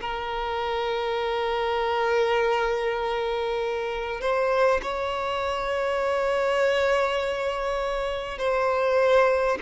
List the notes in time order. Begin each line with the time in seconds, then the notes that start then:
0.00 A#4
4.20 C5
4.82 C#5
8.38 C5